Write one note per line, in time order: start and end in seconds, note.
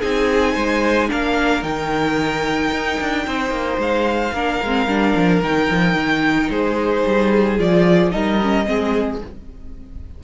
0.00 0.56 C4
0.00 1.09 D#4
0.00 0.53 G#4
0.00 1.10 G#5
0.53 1.10 G#3
0.53 1.08 C5
1.09 1.62 A#3
1.09 1.62 D4
1.09 3.26 A#4
1.09 1.63 F5
1.62 2.71 D#3
1.62 4.32 D#4
1.62 3.79 G5
2.71 2.98 D#4
3.00 3.27 D4
3.26 3.50 C4
3.26 4.34 C5
3.50 3.77 A#3
3.77 4.32 G#3
3.77 5.42 F5
4.33 4.60 A#3
4.33 4.62 D4
4.33 6.50 A#4
4.62 4.87 G#3
4.62 4.88 C4
4.87 5.14 G3
4.87 5.42 D4
5.15 5.42 F3
5.42 5.69 D#3
5.42 7.59 D#4
5.42 6.50 G5
5.70 5.93 F3
5.93 6.48 D#3
6.49 7.03 G#3
6.49 8.12 G#4
6.49 7.58 C5
7.06 7.59 G3
7.59 8.13 F3
7.59 8.11 F4
7.59 8.11 D5
8.11 8.67 G3
8.11 8.38 D#4
8.11 8.66 A#4
8.11 9.19 D#5
8.42 8.66 C#4
8.66 9.21 G#3
8.66 9.20 C4
8.66 9.23 G#4